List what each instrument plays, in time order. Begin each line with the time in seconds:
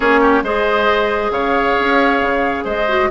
0.00 bassoon A#3, clarinet C#4, oboe G#4, flute C#5
0.20 oboe G4
0.42 bassoon G#3, clarinet G#4, oboe C5, flute D#5
1.30 bassoon C#3, oboe C#5, flute F5
1.79 bassoon C#4
2.21 bassoon C#3
2.64 bassoon G#3, oboe C5, flute D#5
2.88 clarinet F#4